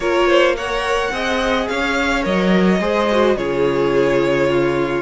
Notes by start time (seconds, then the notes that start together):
0.00 A#3 F4 A#4 C#5
0.27 C5
0.56 A#4 C#5 F#5
1.11 C4 G#4 D#5
1.67 C#4 C#5 F5
2.22 F#3 A#4 D#5
2.80 G#3 G#4 C5
3.11 F#4
3.36 C#3 F4 G#4 C#5
4.49 F4